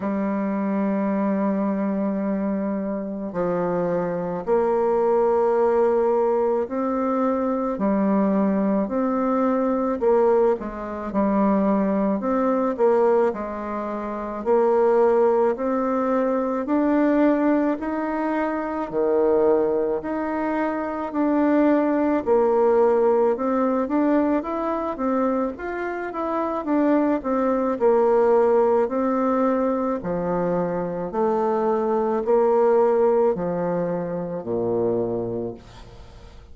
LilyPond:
\new Staff \with { instrumentName = "bassoon" } { \time 4/4 \tempo 4 = 54 g2. f4 | ais2 c'4 g4 | c'4 ais8 gis8 g4 c'8 ais8 | gis4 ais4 c'4 d'4 |
dis'4 dis4 dis'4 d'4 | ais4 c'8 d'8 e'8 c'8 f'8 e'8 | d'8 c'8 ais4 c'4 f4 | a4 ais4 f4 ais,4 | }